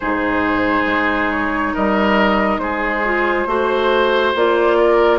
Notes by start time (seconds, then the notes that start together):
0.00 G#2 D#4 G#4 C5
0.86 G#3
1.31 C#5
1.73 G3 A#4 D#5
2.58 G#3 G#4 C5
3.04 F4
3.46 A3 F#4 C5
4.35 A#3 F4 D5
4.77 A#4